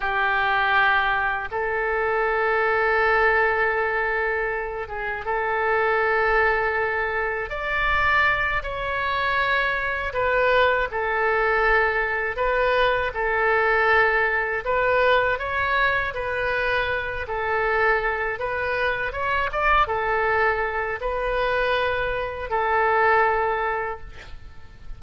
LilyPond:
\new Staff \with { instrumentName = "oboe" } { \time 4/4 \tempo 4 = 80 g'2 a'2~ | a'2~ a'8 gis'8 a'4~ | a'2 d''4. cis''8~ | cis''4. b'4 a'4.~ |
a'8 b'4 a'2 b'8~ | b'8 cis''4 b'4. a'4~ | a'8 b'4 cis''8 d''8 a'4. | b'2 a'2 | }